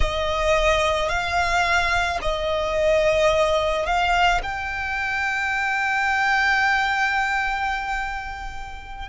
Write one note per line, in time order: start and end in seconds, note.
0.00 1.08 D#5
1.08 2.18 F5
2.21 3.86 D#5
3.86 4.41 F5
4.42 9.08 G5